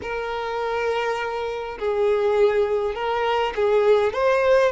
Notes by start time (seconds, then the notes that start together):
0.02 A#4
1.79 G#4
2.94 A#4
3.55 G#4
4.13 C5